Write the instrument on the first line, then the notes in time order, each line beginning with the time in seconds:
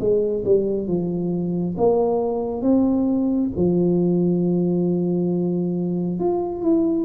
tuba
0.00 G#3
0.45 G3
0.88 F3
1.78 A#3
2.62 C4
3.57 F3
6.20 F4
6.62 E4